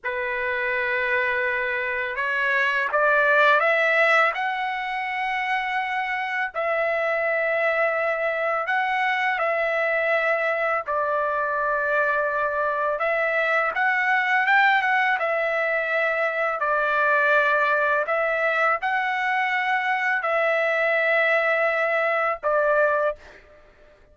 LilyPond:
\new Staff \with { instrumentName = "trumpet" } { \time 4/4 \tempo 4 = 83 b'2. cis''4 | d''4 e''4 fis''2~ | fis''4 e''2. | fis''4 e''2 d''4~ |
d''2 e''4 fis''4 | g''8 fis''8 e''2 d''4~ | d''4 e''4 fis''2 | e''2. d''4 | }